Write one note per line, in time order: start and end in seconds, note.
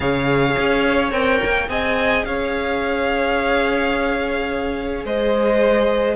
0.00 0.55 C#3
0.00 1.11 G#4
0.00 1.68 C#5
0.00 1.11 F5
0.57 1.11 C#4
1.11 1.39 C4
1.11 1.67 A#4
1.11 1.69 G5
1.43 1.68 A#3
1.67 2.25 C4
1.67 6.15 G#4
1.67 2.25 D#5
1.67 2.24 G#5
2.24 5.05 C#4
2.24 5.04 C#5
2.24 5.05 F5
5.04 6.15 G#3
5.04 6.15 C5
5.04 6.15 D#5